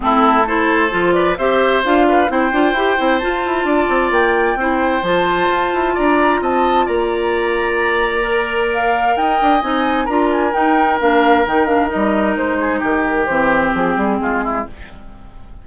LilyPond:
<<
  \new Staff \with { instrumentName = "flute" } { \time 4/4 \tempo 4 = 131 a'4 c''4. d''8 e''4 | f''4 g''2 a''4~ | a''4 g''2 a''4~ | a''4 ais''4 a''4 ais''4~ |
ais''2. f''4 | g''4 gis''4 ais''8 gis''8 g''4 | f''4 g''8 f''8 dis''4 c''4 | ais'4 c''4 gis'2 | }
  \new Staff \with { instrumentName = "oboe" } { \time 4/4 e'4 a'4. b'8 c''4~ | c''8 b'8 c''2. | d''2 c''2~ | c''4 d''4 dis''4 d''4~ |
d''1 | dis''2 ais'2~ | ais'2.~ ais'8 gis'8 | g'2. f'8 e'8 | }
  \new Staff \with { instrumentName = "clarinet" } { \time 4/4 c'4 e'4 f'4 g'4 | f'4 e'8 f'8 g'8 e'8 f'4~ | f'2 e'4 f'4~ | f'1~ |
f'2 ais'2~ | ais'4 dis'4 f'4 dis'4 | d'4 dis'8 d'8 dis'2~ | dis'4 c'2. | }
  \new Staff \with { instrumentName = "bassoon" } { \time 4/4 a2 f4 c'4 | d'4 c'8 d'8 e'8 c'8 f'8 e'8 | d'8 c'8 ais4 c'4 f4 | f'8 e'8 d'4 c'4 ais4~ |
ais1 | dis'8 d'8 c'4 d'4 dis'4 | ais4 dis4 g4 gis4 | dis4 e4 f8 g8 gis4 | }
>>